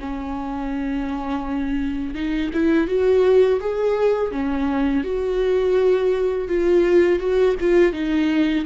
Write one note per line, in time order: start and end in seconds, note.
0.00 2.15 C#4
2.15 2.51 D#4
2.54 2.88 E4
2.88 3.60 F#4
3.60 4.32 G#4
4.32 5.04 C#4
5.04 6.48 F#4
6.48 7.19 F4
7.19 7.55 F#4
7.60 7.93 F4
7.93 8.65 D#4